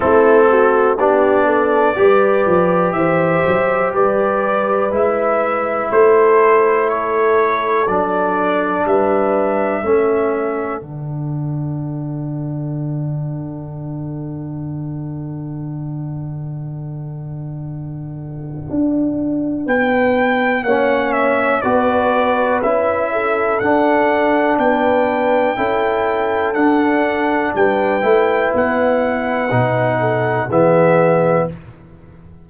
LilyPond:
<<
  \new Staff \with { instrumentName = "trumpet" } { \time 4/4 \tempo 4 = 61 a'4 d''2 e''4 | d''4 e''4 c''4 cis''4 | d''4 e''2 fis''4~ | fis''1~ |
fis''1 | g''4 fis''8 e''8 d''4 e''4 | fis''4 g''2 fis''4 | g''4 fis''2 e''4 | }
  \new Staff \with { instrumentName = "horn" } { \time 4/4 e'8 fis'8 g'8 a'8 b'4 c''4 | b'2 a'2~ | a'4 b'4 a'2~ | a'1~ |
a'1 | b'4 cis''4 b'4. a'8~ | a'4 b'4 a'2 | b'2~ b'8 a'8 gis'4 | }
  \new Staff \with { instrumentName = "trombone" } { \time 4/4 c'4 d'4 g'2~ | g'4 e'2. | d'2 cis'4 d'4~ | d'1~ |
d'1~ | d'4 cis'4 fis'4 e'4 | d'2 e'4 d'4~ | d'8 e'4. dis'4 b4 | }
  \new Staff \with { instrumentName = "tuba" } { \time 4/4 a4 b4 g8 f8 e8 fis8 | g4 gis4 a2 | fis4 g4 a4 d4~ | d1~ |
d2. d'4 | b4 ais4 b4 cis'4 | d'4 b4 cis'4 d'4 | g8 a8 b4 b,4 e4 | }
>>